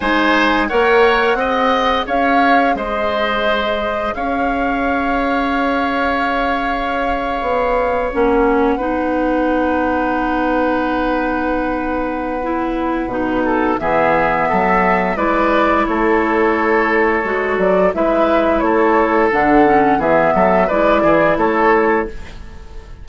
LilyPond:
<<
  \new Staff \with { instrumentName = "flute" } { \time 4/4 \tempo 4 = 87 gis''4 fis''2 f''4 | dis''2 f''2~ | f''2.~ f''8. fis''16~ | fis''1~ |
fis''1 | e''2 d''4 cis''4~ | cis''4. d''8 e''4 cis''4 | fis''4 e''4 d''4 cis''4 | }
  \new Staff \with { instrumentName = "oboe" } { \time 4/4 c''4 cis''4 dis''4 cis''4 | c''2 cis''2~ | cis''1~ | cis''8. b'2.~ b'16~ |
b'2.~ b'8 a'8 | gis'4 a'4 b'4 a'4~ | a'2 b'4 a'4~ | a'4 gis'8 a'8 b'8 gis'8 a'4 | }
  \new Staff \with { instrumentName = "clarinet" } { \time 4/4 dis'4 ais'4 gis'2~ | gis'1~ | gis'2.~ gis'8. cis'16~ | cis'8. dis'2.~ dis'16~ |
dis'2 e'4 dis'4 | b2 e'2~ | e'4 fis'4 e'2 | d'8 cis'8 b4 e'2 | }
  \new Staff \with { instrumentName = "bassoon" } { \time 4/4 gis4 ais4 c'4 cis'4 | gis2 cis'2~ | cis'2~ cis'8. b4 ais16~ | ais8. b2.~ b16~ |
b2. b,4 | e4 fis4 gis4 a4~ | a4 gis8 fis8 gis4 a4 | d4 e8 fis8 gis8 e8 a4 | }
>>